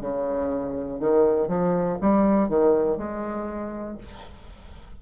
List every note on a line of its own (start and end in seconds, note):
0.00 1.00 C#3
1.00 1.48 D#3
1.48 1.98 F3
2.00 2.49 G3
2.49 2.97 D#3
2.97 3.97 G#3